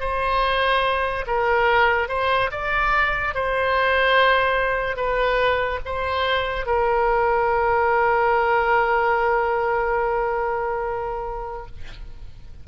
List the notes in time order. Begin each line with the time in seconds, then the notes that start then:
0.00 C5
1.27 A#4
2.09 C5
2.51 D5
3.34 C5
4.96 B4
5.85 C5
6.66 A#4